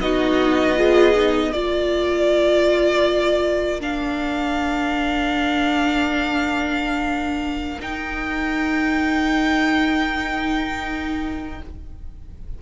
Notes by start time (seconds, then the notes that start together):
0.00 B3 D#4 F#4 D#5
0.76 F4 G#4
1.14 D#4
1.50 A#3 F4 A#4 D5
3.80 D4 F5
7.79 D#4 G5